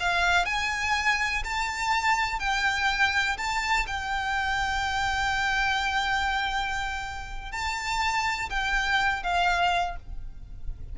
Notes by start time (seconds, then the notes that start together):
0.00 F5
0.46 G#5
1.44 A5
2.40 G5
3.38 A5
3.87 G5
7.52 A5
8.50 G5
9.23 F5